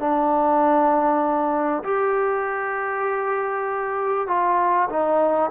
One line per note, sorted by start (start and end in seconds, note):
0.00 1.84 D4
1.84 4.28 G4
4.28 4.89 F4
4.90 5.51 D#4